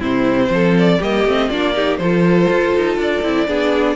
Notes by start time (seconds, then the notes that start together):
0.00 C3 C4 E4 C5
0.49 F3 A4
0.78 D5
0.99 G3 A#3 G4 D#5
1.25 A3 C4
1.49 A#3 D4 F4 D5
1.74 D#4 G4
1.97 F3 F4 A4 C5
2.50 F4
2.76 D#4
2.98 D4 D5
3.23 C4 E4
3.48 B3 D4 G#4